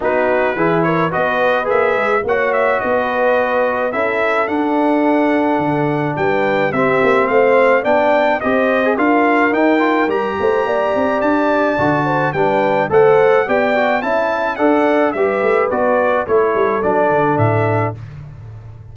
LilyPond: <<
  \new Staff \with { instrumentName = "trumpet" } { \time 4/4 \tempo 4 = 107 b'4. cis''8 dis''4 e''4 | fis''8 e''8 dis''2 e''4 | fis''2. g''4 | e''4 f''4 g''4 dis''4 |
f''4 g''4 ais''2 | a''2 g''4 fis''4 | g''4 a''4 fis''4 e''4 | d''4 cis''4 d''4 e''4 | }
  \new Staff \with { instrumentName = "horn" } { \time 4/4 fis'4 gis'8 ais'8 b'2 | cis''4 b'2 a'4~ | a'2. b'4 | g'4 c''4 d''4 c''4 |
ais'2~ ais'8 c''8 d''4~ | d''4. c''8 b'4 c''4 | d''4 e''4 d''4 b'4~ | b'4 a'2. | }
  \new Staff \with { instrumentName = "trombone" } { \time 4/4 dis'4 e'4 fis'4 gis'4 | fis'2. e'4 | d'1 | c'2 d'4 g'8. gis'16 |
f'4 dis'8 f'8 g'2~ | g'4 fis'4 d'4 a'4 | g'8 fis'8 e'4 a'4 g'4 | fis'4 e'4 d'2 | }
  \new Staff \with { instrumentName = "tuba" } { \time 4/4 b4 e4 b4 ais8 gis8 | ais4 b2 cis'4 | d'2 d4 g4 | c'8 ais8 a4 b4 c'4 |
d'4 dis'4 g8 a8 ais8 c'8 | d'4 d4 g4 a4 | b4 cis'4 d'4 g8 a8 | b4 a8 g8 fis8 d8 a,4 | }
>>